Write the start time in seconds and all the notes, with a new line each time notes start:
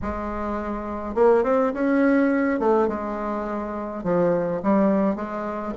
0.02 G#3
1.14 A#3
1.43 C4
1.73 C#4
2.59 A3
2.88 G#3
4.03 F3
4.62 G3
5.15 G#3